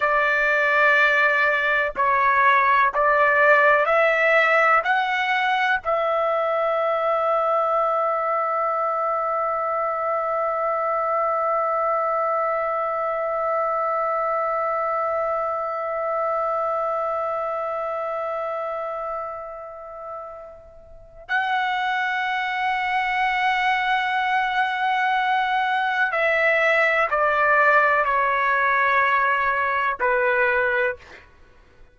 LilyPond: \new Staff \with { instrumentName = "trumpet" } { \time 4/4 \tempo 4 = 62 d''2 cis''4 d''4 | e''4 fis''4 e''2~ | e''1~ | e''1~ |
e''1~ | e''2 fis''2~ | fis''2. e''4 | d''4 cis''2 b'4 | }